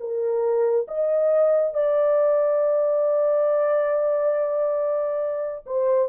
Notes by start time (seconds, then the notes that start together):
0.00 A#4
0.88 D#5
1.74 D5
5.66 C5